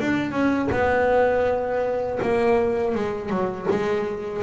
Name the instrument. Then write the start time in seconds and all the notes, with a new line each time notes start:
double bass
0.00 D4
0.32 C#4
0.72 B3
2.23 A#3
2.96 G#3
3.30 F#3
3.71 G#3